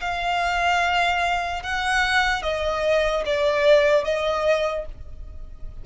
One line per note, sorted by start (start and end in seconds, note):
0.00 1.63 F5
1.63 2.42 F#5
2.42 3.23 D#5
3.25 4.04 D5
4.04 4.85 D#5